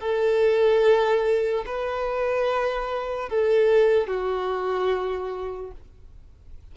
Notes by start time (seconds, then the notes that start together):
0.00 A4
1.66 B4
3.30 A4
4.07 F#4